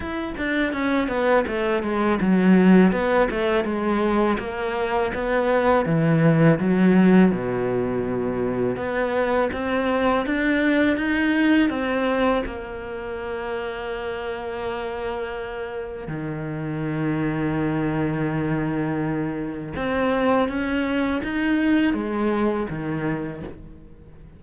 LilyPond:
\new Staff \with { instrumentName = "cello" } { \time 4/4 \tempo 4 = 82 e'8 d'8 cis'8 b8 a8 gis8 fis4 | b8 a8 gis4 ais4 b4 | e4 fis4 b,2 | b4 c'4 d'4 dis'4 |
c'4 ais2.~ | ais2 dis2~ | dis2. c'4 | cis'4 dis'4 gis4 dis4 | }